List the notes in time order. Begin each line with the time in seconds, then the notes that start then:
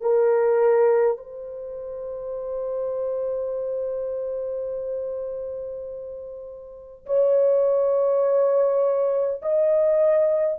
0.00 A#4
1.17 C5
7.06 C#5
9.41 D#5